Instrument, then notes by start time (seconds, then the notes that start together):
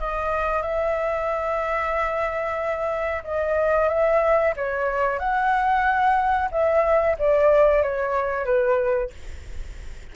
flute
0.00 D#5
0.63 E5
3.24 D#5
3.89 E5
4.57 C#5
5.19 F#5
6.52 E5
7.19 D5
7.83 C#5
8.45 B4